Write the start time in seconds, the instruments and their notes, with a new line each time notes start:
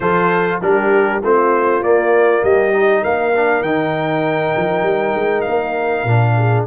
0.00 tuba F3, trombone F4, horn A4, trumpet C5
0.61 tuba G3, trombone D4, horn G4, trumpet A#4
1.22 tuba A3, trombone C4, horn F4, trumpet C5
1.82 tuba A#3, trombone A#3, trumpet D5
2.43 tuba G3, horn G4, trumpet D#5
2.72 trombone D#4
3.02 tuba A#3, horn A#4, trumpet F5
3.34 trombone D4
3.61 tuba D#3, trombone D#4, trumpet G5
4.56 tuba F3
4.82 tuba G3
5.14 tuba G#3
5.41 trumpet F5
5.47 tuba A#3
6.04 tuba A#2, trombone D4
6.37 horn G#4